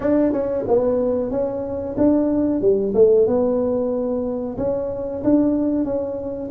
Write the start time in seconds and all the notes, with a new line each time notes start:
0.00 D4
0.32 C#4
0.67 B3
1.30 C#4
1.97 D4
2.61 G3
2.94 A3
3.26 B3
4.57 C#4
5.24 D4
5.84 C#4